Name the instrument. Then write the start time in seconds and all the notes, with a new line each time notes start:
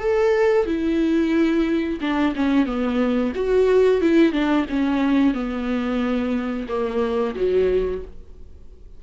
viola
0.00 A4
0.66 E4
2.01 D4
2.36 C#4
2.66 B3
3.35 F#4
4.01 E4
4.32 D4
4.70 C#4
5.34 B3
6.68 A#3
7.35 F#3